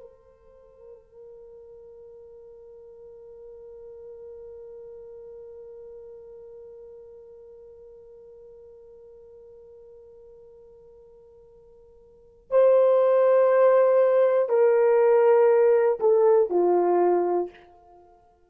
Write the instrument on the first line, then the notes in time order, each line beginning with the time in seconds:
horn
0.00 A#4
12.50 C5
14.49 A#4
16.00 A4
16.50 F4